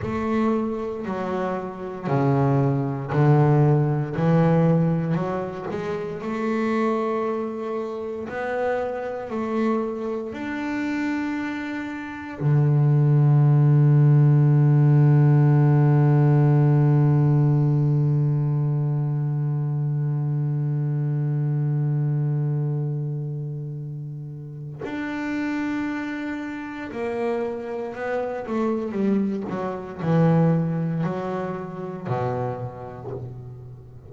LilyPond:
\new Staff \with { instrumentName = "double bass" } { \time 4/4 \tempo 4 = 58 a4 fis4 cis4 d4 | e4 fis8 gis8 a2 | b4 a4 d'2 | d1~ |
d1~ | d1 | d'2 ais4 b8 a8 | g8 fis8 e4 fis4 b,4 | }